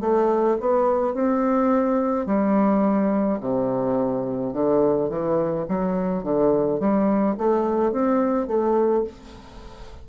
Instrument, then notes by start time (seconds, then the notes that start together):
bassoon
0.00 A3
0.60 B3
1.14 C4
2.25 G3
3.40 C3
4.53 D3
5.09 E3
5.68 F#3
6.23 D3
6.79 G3
7.37 A3
7.91 C4
8.47 A3